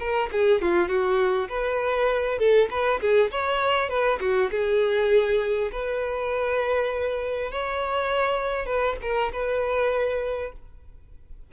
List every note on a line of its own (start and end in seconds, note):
0.00 0.30 A#4
0.32 0.62 G#4
0.62 0.88 F4
0.88 1.48 F#4
1.49 2.39 B4
2.39 2.69 A4
2.71 3.01 B4
3.01 3.31 G#4
3.32 3.89 C#5
3.89 4.19 B4
4.21 4.51 F#4
4.52 5.72 G#4
5.72 7.52 B4
7.52 8.66 C#5
8.66 8.96 B4
9.02 9.32 A#4
9.33 10.53 B4